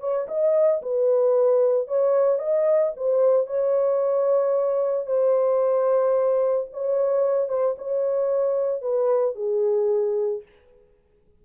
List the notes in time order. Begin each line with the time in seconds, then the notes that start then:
0.00 C#5
0.28 D#5
0.82 B4
1.87 C#5
2.39 D#5
2.97 C5
3.47 C#5
5.06 C5
6.73 C#5
7.49 C5
7.78 C#5
8.82 B4
9.35 G#4